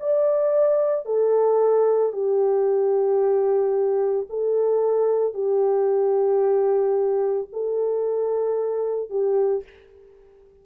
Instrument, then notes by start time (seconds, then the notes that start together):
horn
0.00 D5
1.06 A4
2.13 G4
4.30 A4
5.34 G4
7.53 A4
9.10 G4